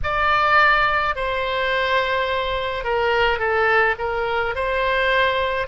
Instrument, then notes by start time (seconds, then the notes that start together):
oboe
0.03 D5
1.15 C5
2.84 A#4
3.38 A4
3.98 A#4
4.55 C5